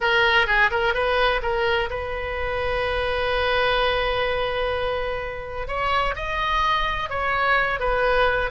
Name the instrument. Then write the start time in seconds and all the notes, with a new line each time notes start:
oboe
0.00 A#4
0.46 G#4
0.70 A#4
0.93 B4
1.42 A#4
1.89 B4
5.67 C#5
6.15 D#5
7.09 C#5
7.79 B4